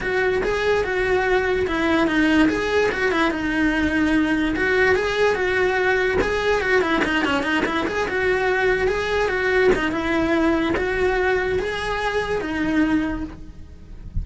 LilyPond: \new Staff \with { instrumentName = "cello" } { \time 4/4 \tempo 4 = 145 fis'4 gis'4 fis'2 | e'4 dis'4 gis'4 fis'8 e'8 | dis'2. fis'4 | gis'4 fis'2 gis'4 |
fis'8 e'8 dis'8 cis'8 dis'8 e'8 gis'8 fis'8~ | fis'4. gis'4 fis'4 dis'8 | e'2 fis'2 | gis'2 dis'2 | }